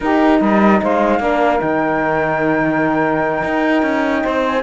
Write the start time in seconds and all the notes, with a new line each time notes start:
0.00 D#4 G4 A#4
0.40 G3 A#4 D#5
0.82 G#3 C5 F5
1.19 A#3 D4 A#4
1.59 D#3 D#4 G5
3.44 D#4
3.82 C#4
4.22 C4 C5
4.46 G#5